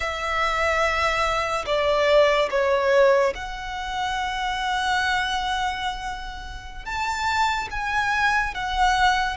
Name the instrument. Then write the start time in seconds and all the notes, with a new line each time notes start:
violin
0.00 E5
1.66 D5
2.50 C#5
3.34 F#5
6.85 A5
7.70 G#5
8.54 F#5